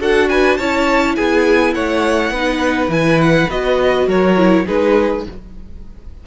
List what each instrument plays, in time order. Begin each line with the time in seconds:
0.00 cello D4, viola F#4, violin A4 F#5
0.29 violin B4 G#5
0.57 cello C#4, viola E4, violin C#5 A5
1.16 cello B3, violin G#4 G#5
1.74 cello A3, violin C#5 F#5
2.30 cello B3, viola D#4, violin B4
2.88 cello E3, viola E4, violin G#5
3.21 violin F#5
3.50 cello B3, viola F#4, violin D#5
4.07 cello F#3, violin A#4 C#5
4.37 viola E4
4.66 cello G#3, viola D#4, violin G#4 B4